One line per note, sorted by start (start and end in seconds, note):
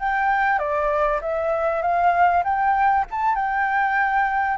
0.00 0.59 G5
0.59 1.20 D5
1.21 1.82 E5
1.82 2.44 F5
2.44 3.06 G5
3.11 3.36 A5
3.36 4.58 G5